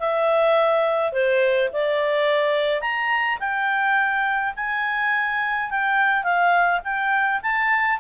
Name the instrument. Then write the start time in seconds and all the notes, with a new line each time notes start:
clarinet
0.00 E5
1.12 C5
1.73 D5
2.82 A#5
3.40 G5
4.56 G#5
5.71 G5
6.24 F5
6.84 G5
7.43 A5